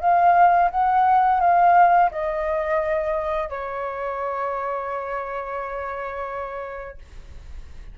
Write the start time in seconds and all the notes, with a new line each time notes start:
0.00 F5
0.70 F#5
1.40 F5
2.11 D#5
3.49 C#5